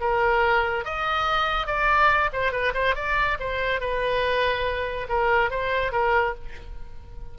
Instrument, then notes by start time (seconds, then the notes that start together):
oboe
0.00 A#4
0.84 D#5
1.67 D5
2.33 C5
2.52 B4
2.74 C5
2.95 D5
3.39 C5
3.80 B4
5.09 A#4
5.50 C5
5.92 A#4